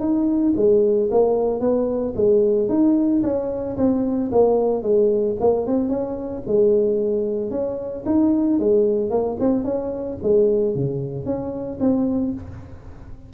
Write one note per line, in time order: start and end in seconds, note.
0.00 0.54 D#4
0.56 1.10 G#3
1.12 1.60 A#3
1.60 2.14 B3
2.16 2.69 G#3
2.69 3.23 D#4
3.23 3.77 C#4
3.77 4.31 C4
4.32 4.83 A#3
4.83 5.37 G#3
5.41 5.67 A#3
5.67 5.90 C4
5.90 6.43 C#4
6.47 7.51 G#3
7.51 8.05 C#4
8.06 8.60 D#4
8.60 9.11 G#3
9.11 9.37 A#3
9.40 9.65 C4
9.65 10.18 C#4
10.23 10.75 G#3
10.75 11.26 C#3
11.26 11.79 C#4
11.81 12.34 C4